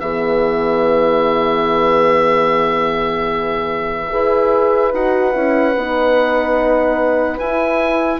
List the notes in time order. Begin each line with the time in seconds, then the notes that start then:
0.00 E3 B3 G#4 E5
4.10 E4 G#4 B4
4.93 D#4 F#4 F#5
5.33 C#4 E4
5.76 B3 D#4
7.39 E4 G#5